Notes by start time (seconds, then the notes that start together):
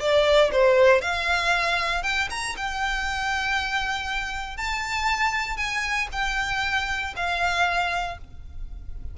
0.00 D5
0.52 C5
1.01 F5
2.03 G5
2.30 A#5
2.57 G5
4.57 A5
5.57 G#5
6.12 G5
7.16 F5